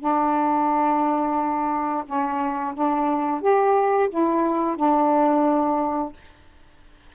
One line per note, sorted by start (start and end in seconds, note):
0.00 2.05 D4
2.06 2.75 C#4
2.75 3.42 D4
3.42 4.10 G4
4.10 4.77 E4
4.77 6.13 D4